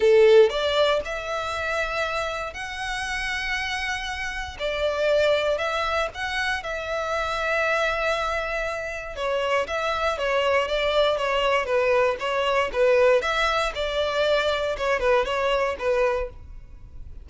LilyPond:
\new Staff \with { instrumentName = "violin" } { \time 4/4 \tempo 4 = 118 a'4 d''4 e''2~ | e''4 fis''2.~ | fis''4 d''2 e''4 | fis''4 e''2.~ |
e''2 cis''4 e''4 | cis''4 d''4 cis''4 b'4 | cis''4 b'4 e''4 d''4~ | d''4 cis''8 b'8 cis''4 b'4 | }